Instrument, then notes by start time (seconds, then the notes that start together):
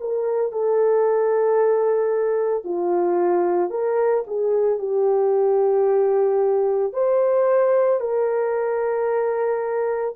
horn
0.00 A#4
0.52 A4
2.64 F4
3.70 A#4
4.27 G#4
4.78 G4
6.93 C5
8.00 A#4